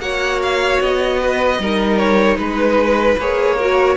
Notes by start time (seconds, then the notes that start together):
0.00 A#3 F#4 C#5 F#5
0.42 F5
0.81 B3 D#5
1.22 B4
1.59 G3 D#4 A#4
1.98 C#5
2.37 G#3 B4
3.18 A#3 G#4 C#5
3.57 F#4 A#4